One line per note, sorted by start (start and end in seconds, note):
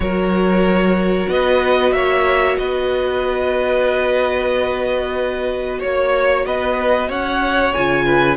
0.00 1.26 F#3
0.00 7.73 F#4
0.00 1.30 A#4
0.00 1.29 C#5
1.28 1.91 B3
1.28 1.94 B4
1.28 1.92 D#5
1.91 2.56 A#3
1.91 2.59 C#5
1.91 2.56 E5
2.57 5.82 B3
2.57 5.79 B4
2.57 5.80 D#5
5.79 6.45 A#3
5.79 6.43 C#5
5.79 6.46 C#5
6.45 7.09 B3
6.45 7.08 B4
6.45 7.10 D#5
7.08 7.73 C#4
7.08 8.05 C#5
7.08 7.73 F#5
7.73 8.37 C#3
7.73 8.37 F4
7.73 8.37 G#5
8.05 8.37 B4